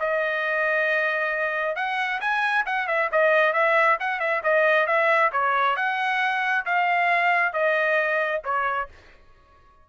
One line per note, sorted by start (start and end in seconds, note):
0.00 1.76 D#5
1.76 2.20 F#5
2.21 2.65 G#5
2.66 2.88 F#5
2.88 3.10 E5
3.12 3.53 D#5
3.53 3.98 E5
4.00 4.20 F#5
4.20 4.42 E5
4.43 4.87 D#5
4.87 5.31 E5
5.33 5.77 C#5
5.77 6.65 F#5
6.66 7.53 F5
7.53 8.42 D#5
8.44 8.89 C#5